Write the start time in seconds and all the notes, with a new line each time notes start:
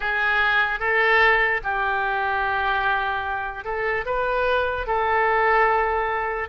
0.00 G#4
0.79 A4
1.63 G4
3.64 A4
4.05 B4
4.86 A4